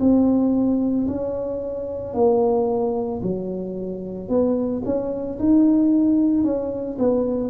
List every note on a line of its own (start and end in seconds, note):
0.00 1.07 C4
1.08 2.14 C#4
2.14 3.21 A#3
3.22 4.29 F#3
4.29 4.82 B3
4.85 5.39 C#4
5.39 6.44 D#4
6.44 6.97 C#4
6.98 7.50 B3